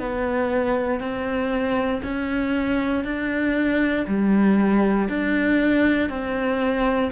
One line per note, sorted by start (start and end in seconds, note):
0.00 1.00 B3
1.00 2.02 C4
2.04 3.05 C#4
3.05 4.07 D4
4.08 5.09 G3
5.09 6.10 D4
6.10 7.11 C4